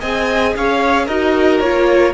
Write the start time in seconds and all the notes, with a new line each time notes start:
0.00 C4 G#4 D#5 G#5
0.56 C#4 C#5 F5
1.06 D#4 F#4 A#4 D#5
1.60 A#3 F4 C#5